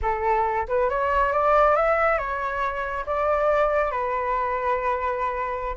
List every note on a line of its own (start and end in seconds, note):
0.02 0.67 A4
0.68 0.89 B4
0.89 1.32 C#5
1.32 1.75 D5
1.75 2.18 E5
2.18 3.05 C#5
3.06 3.91 D5
3.91 5.75 B4